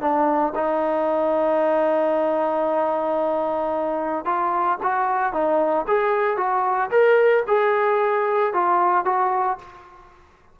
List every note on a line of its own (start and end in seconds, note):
0.00 0.53 D4
0.55 4.25 D#4
4.25 4.78 F4
4.82 5.32 F#4
5.32 5.86 D#4
5.87 6.37 G#4
6.37 6.90 F#4
6.90 7.43 A#4
7.47 8.53 G#4
8.53 9.05 F4
9.05 9.58 F#4